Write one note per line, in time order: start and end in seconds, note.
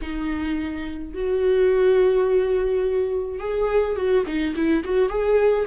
0.01 1.14 D#4
1.14 3.39 F#4
3.39 3.95 G#4
3.95 4.24 F#4
4.26 4.54 D#4
4.55 4.83 E4
4.84 5.09 F#4
5.09 5.65 G#4